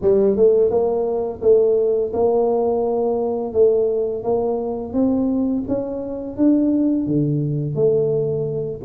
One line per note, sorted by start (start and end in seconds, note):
0.01 0.36 G3
0.36 0.70 A3
0.70 1.41 A#3
1.41 2.12 A3
2.13 3.53 A#3
3.53 4.23 A3
4.23 4.93 A#3
4.93 5.63 C4
5.68 6.36 C#4
6.36 7.06 D4
7.06 7.75 D3
7.75 8.80 A3